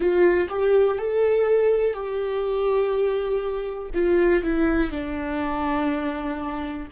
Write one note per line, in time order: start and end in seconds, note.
0.00 0.48 F4
0.49 0.98 G4
0.98 1.93 A4
1.93 3.90 G4
3.93 4.43 F4
4.43 4.91 E4
4.91 6.88 D4